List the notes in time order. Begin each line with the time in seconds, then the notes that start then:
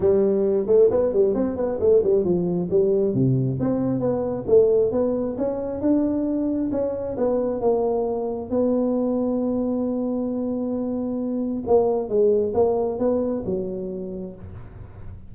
0.00 G3
0.67 A3
0.90 B3
1.13 G3
1.34 C4
1.56 B3
1.80 A3
2.03 G3
2.24 F3
2.70 G3
3.14 C3
3.60 C4
3.99 B3
4.47 A3
4.91 B3
5.37 C#4
5.80 D4
6.71 C#4
7.17 B3
7.60 A#3
8.50 B3
11.66 A#3
12.08 G#3
12.54 A#3
12.98 B3
13.45 F#3